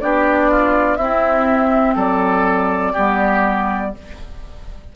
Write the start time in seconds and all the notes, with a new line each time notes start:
0.00 B3 D4 G4 D5
0.51 F4
0.96 C4 E4 E5
1.95 F#3 A4 D5
2.93 G3 B3 G4